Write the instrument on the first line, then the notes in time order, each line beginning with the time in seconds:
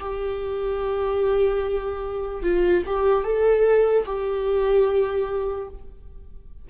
viola
0.00 G4
2.43 F4
2.86 G4
3.24 A4
4.06 G4